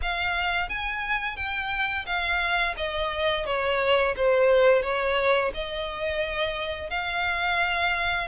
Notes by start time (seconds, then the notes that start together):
0.02 F5
0.69 G#5
1.36 G5
2.05 F5
2.76 D#5
3.45 C#5
4.16 C5
4.82 C#5
5.54 D#5
6.90 F5